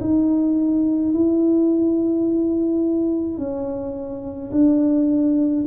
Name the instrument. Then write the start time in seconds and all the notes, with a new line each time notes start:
tuba
0.00 D#4
1.13 E4
3.38 C#4
4.52 D4